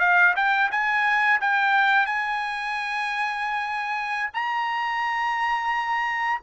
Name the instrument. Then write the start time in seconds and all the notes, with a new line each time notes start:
trumpet
0.00 F5
0.36 G5
0.71 G#5
1.41 G5
2.06 G#5
4.34 A#5